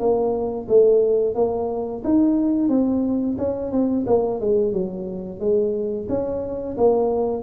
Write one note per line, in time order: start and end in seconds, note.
0.00 0.67 A#3
0.69 1.35 A3
1.35 2.03 A#3
2.04 2.69 D#4
2.69 3.37 C4
3.39 3.72 C#4
3.72 4.06 C4
4.07 4.41 A#3
4.41 4.73 G#3
4.73 5.40 F#3
5.40 6.08 G#3
6.09 6.77 C#4
6.78 7.43 A#3